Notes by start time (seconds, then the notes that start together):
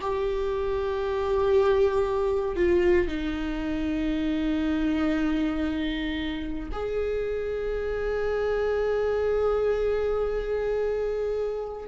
0.00 G4
2.56 F4
3.07 D#4
6.71 G#4